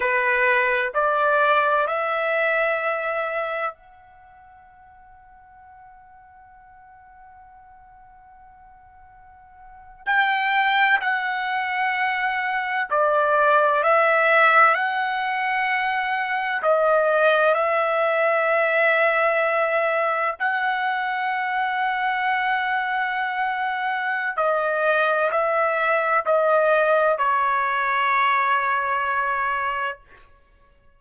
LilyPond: \new Staff \with { instrumentName = "trumpet" } { \time 4/4 \tempo 4 = 64 b'4 d''4 e''2 | fis''1~ | fis''2~ fis''8. g''4 fis''16~ | fis''4.~ fis''16 d''4 e''4 fis''16~ |
fis''4.~ fis''16 dis''4 e''4~ e''16~ | e''4.~ e''16 fis''2~ fis''16~ | fis''2 dis''4 e''4 | dis''4 cis''2. | }